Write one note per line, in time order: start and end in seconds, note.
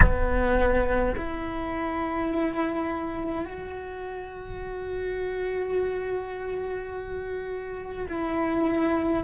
0.00 1.14 B3
1.16 3.45 E4
3.45 8.06 F#4
8.08 9.23 E4